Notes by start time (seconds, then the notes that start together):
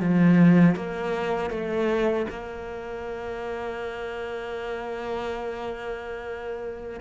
0.00 F3
0.76 A#3
1.51 A3
2.30 A#3